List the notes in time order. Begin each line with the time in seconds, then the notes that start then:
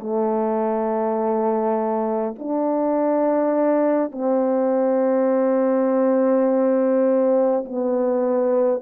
0.00 A3
2.40 D4
4.12 C4
7.66 B3